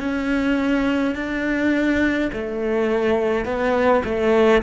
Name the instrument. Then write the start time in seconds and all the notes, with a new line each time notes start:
cello
0.00 C#4
1.15 D4
2.33 A3
3.46 B3
4.04 A3